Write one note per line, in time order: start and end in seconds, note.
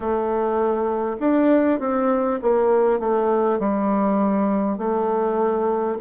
0.00 1.17 A3
1.19 1.79 D4
1.79 2.39 C4
2.42 2.99 A#3
2.99 3.59 A3
3.59 4.77 G3
4.77 5.97 A3